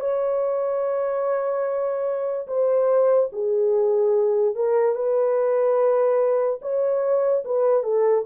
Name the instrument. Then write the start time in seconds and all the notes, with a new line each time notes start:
horn
0.00 C#5
2.47 C5
3.32 G#4
4.55 A#4
4.95 B4
6.61 C#5
7.45 B4
7.83 A4